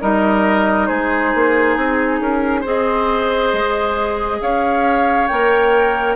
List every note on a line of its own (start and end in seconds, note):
0.00 0.90 G3
0.00 2.64 D#4
0.00 0.88 A#4
0.00 0.87 D#5
0.87 1.34 G#3
0.87 2.20 G#4
0.87 1.74 C5
1.34 1.76 A#3
1.74 2.20 C4
1.74 2.63 G#4
2.20 2.64 C#4
2.20 2.60 A#4
2.60 3.53 C4
2.60 5.29 G#4
2.60 4.37 C5
2.67 4.41 D#5
3.53 4.41 G#3
4.41 5.30 C#4
4.41 6.16 C#5
4.41 5.27 F5
5.27 6.16 A#3
5.27 6.16 A#4
5.27 6.16 G5